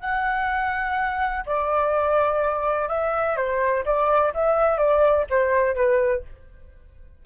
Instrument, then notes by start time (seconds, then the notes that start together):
flute
0.00 F#5
1.45 D5
2.88 E5
3.36 C5
3.85 D5
4.34 E5
4.77 D5
5.30 C5
5.75 B4